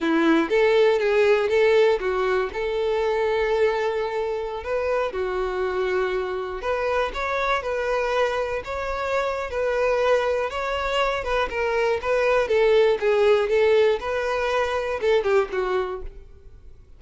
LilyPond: \new Staff \with { instrumentName = "violin" } { \time 4/4 \tempo 4 = 120 e'4 a'4 gis'4 a'4 | fis'4 a'2.~ | a'4~ a'16 b'4 fis'4.~ fis'16~ | fis'4~ fis'16 b'4 cis''4 b'8.~ |
b'4~ b'16 cis''4.~ cis''16 b'4~ | b'4 cis''4. b'8 ais'4 | b'4 a'4 gis'4 a'4 | b'2 a'8 g'8 fis'4 | }